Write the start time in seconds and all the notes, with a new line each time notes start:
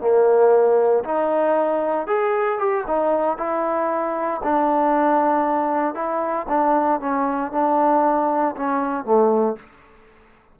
0.00 A#3
1.04 D#4
2.07 G#4
2.58 G4
2.87 D#4
3.37 E4
4.43 D4
5.95 E4
6.48 D4
7.00 C#4
7.52 D4
8.56 C#4
9.04 A3